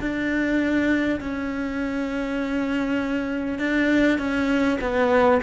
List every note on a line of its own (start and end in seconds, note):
0.00 1.20 D4
1.21 3.59 C#4
3.59 4.18 D4
4.18 4.78 C#4
4.81 5.41 B3